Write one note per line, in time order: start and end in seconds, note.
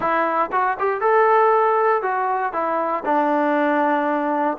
0.00 0.50 E4
0.52 0.77 F#4
0.79 1.01 G4
1.01 2.02 A4
2.02 2.52 F#4
2.52 3.03 E4
3.05 4.57 D4